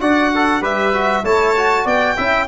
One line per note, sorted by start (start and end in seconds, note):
0.00 0.61 D4
0.00 0.62 F#4
0.00 0.33 D5
0.00 0.63 F#5
0.35 0.61 A4
0.61 1.23 G3
0.61 0.93 G4
0.61 1.23 B4
0.61 1.25 E5
0.93 1.24 F#4
1.23 1.85 A3
1.23 1.55 E4
1.23 1.85 C#5
1.23 1.87 A5
1.57 2.17 F#4
1.85 2.16 B3
1.85 2.15 D5
1.85 2.47 G5
2.17 2.47 C#4
2.17 2.47 E4
2.17 2.47 E5